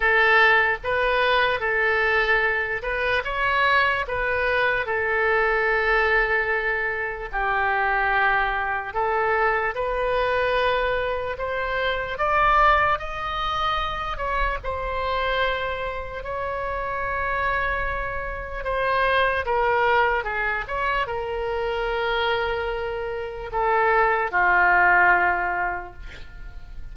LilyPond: \new Staff \with { instrumentName = "oboe" } { \time 4/4 \tempo 4 = 74 a'4 b'4 a'4. b'8 | cis''4 b'4 a'2~ | a'4 g'2 a'4 | b'2 c''4 d''4 |
dis''4. cis''8 c''2 | cis''2. c''4 | ais'4 gis'8 cis''8 ais'2~ | ais'4 a'4 f'2 | }